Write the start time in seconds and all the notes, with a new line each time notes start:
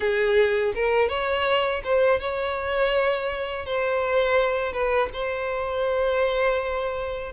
0.00 G#4
0.75 A#4
1.08 C#5
1.84 C5
2.20 C#5
3.65 C5
4.72 B4
5.13 C5